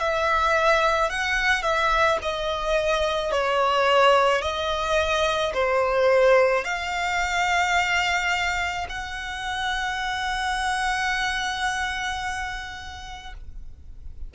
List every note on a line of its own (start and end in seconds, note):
0.00 1.10 E5
1.10 1.63 F#5
1.63 2.18 E5
2.22 3.32 D#5
3.32 4.42 C#5
4.42 5.53 D#5
5.54 6.65 C5
6.65 8.87 F5
8.89 13.34 F#5